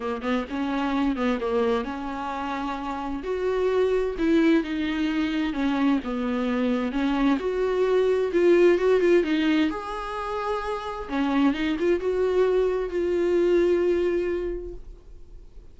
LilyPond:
\new Staff \with { instrumentName = "viola" } { \time 4/4 \tempo 4 = 130 ais8 b8 cis'4. b8 ais4 | cis'2. fis'4~ | fis'4 e'4 dis'2 | cis'4 b2 cis'4 |
fis'2 f'4 fis'8 f'8 | dis'4 gis'2. | cis'4 dis'8 f'8 fis'2 | f'1 | }